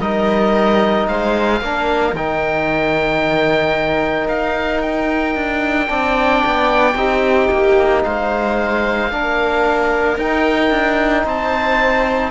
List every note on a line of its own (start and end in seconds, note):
0.00 1.07 G3
0.00 1.61 D#4
0.00 1.08 A#4
0.00 1.08 D#5
1.08 1.61 G#3
1.08 1.61 C5
1.08 2.15 F5
1.61 2.13 A#3
1.61 2.15 D4
1.61 5.90 A#4
2.13 4.27 D#3
2.13 5.87 D#4
2.13 4.28 G5
4.28 5.35 D#4
4.28 4.81 F5
4.81 8.03 G5
5.35 5.89 D4
5.87 6.43 C4
5.87 6.94 D4
5.87 6.97 D5
6.46 6.95 B3
6.95 7.48 C4
6.95 9.11 D#4
6.95 8.05 G4
7.51 8.04 A#3
8.04 9.12 G#3
8.04 9.12 C5
8.04 10.18 F5
9.11 10.17 A#3
9.11 10.18 D4
9.11 11.25 A#4
10.17 10.71 D#4
10.17 12.31 D#4
10.17 11.26 G5
10.71 11.24 D4
11.24 12.31 C4
11.24 12.31 C5
11.24 12.31 A5